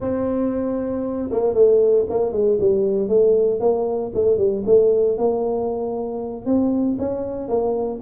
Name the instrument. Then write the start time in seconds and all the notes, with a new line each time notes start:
tuba
0.00 C4
1.31 A#3
1.54 A3
2.09 A#3
2.32 G#3
2.60 G3
3.08 A3
3.60 A#3
4.14 A3
4.37 G3
4.66 A3
5.17 A#3
6.45 C4
6.99 C#4
7.48 A#3